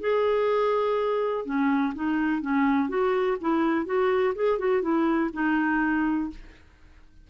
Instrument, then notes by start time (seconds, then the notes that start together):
clarinet
0.00 G#4
1.45 C#4
1.94 D#4
2.41 C#4
2.89 F#4
3.40 E4
3.86 F#4
4.35 G#4
4.59 F#4
4.82 E4
5.33 D#4